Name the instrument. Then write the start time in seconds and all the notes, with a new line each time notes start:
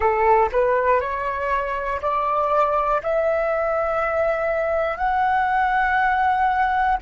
flute
0.00 A4
0.52 B4
1.00 C#5
2.01 D5
3.03 E5
4.97 F#5